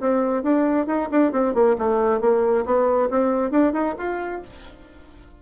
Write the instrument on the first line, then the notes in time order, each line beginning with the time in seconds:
bassoon
0.00 C4
0.43 D4
0.87 D#4
1.11 D4
1.32 C4
1.54 A#3
1.78 A3
2.21 A#3
2.65 B3
3.10 C4
3.51 D4
3.73 D#4
3.98 F4